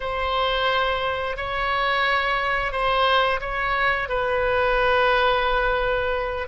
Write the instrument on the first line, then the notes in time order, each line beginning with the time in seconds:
oboe
0.00 C5
1.36 C#5
2.71 C5
3.40 C#5
4.08 B4